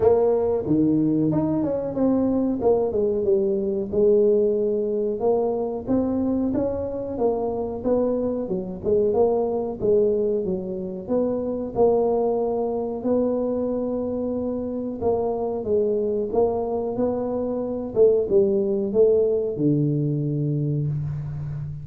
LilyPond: \new Staff \with { instrumentName = "tuba" } { \time 4/4 \tempo 4 = 92 ais4 dis4 dis'8 cis'8 c'4 | ais8 gis8 g4 gis2 | ais4 c'4 cis'4 ais4 | b4 fis8 gis8 ais4 gis4 |
fis4 b4 ais2 | b2. ais4 | gis4 ais4 b4. a8 | g4 a4 d2 | }